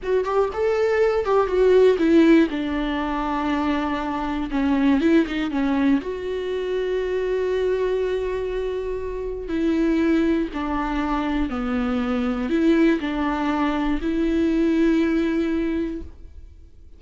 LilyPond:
\new Staff \with { instrumentName = "viola" } { \time 4/4 \tempo 4 = 120 fis'8 g'8 a'4. g'8 fis'4 | e'4 d'2.~ | d'4 cis'4 e'8 dis'8 cis'4 | fis'1~ |
fis'2. e'4~ | e'4 d'2 b4~ | b4 e'4 d'2 | e'1 | }